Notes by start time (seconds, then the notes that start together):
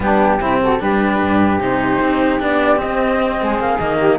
0.00 G3 B3 D4 G4
0.39 C3 C4 E4
0.61 F#4 A4
0.79 G3 D4 G4 B4
1.22 G2
1.58 C3 D#4 C5
2.01 C4
2.39 B3 D4 D5
2.76 C4 D#5
2.84 C4
3.39 G#3 G#4
3.59 A#3 F5
3.79 D#3 A#3 D#5
3.97 G4